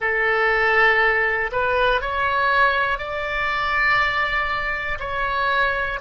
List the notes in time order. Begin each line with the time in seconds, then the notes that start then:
0.00 A4
1.52 B4
2.01 C#5
2.98 D5
5.00 C#5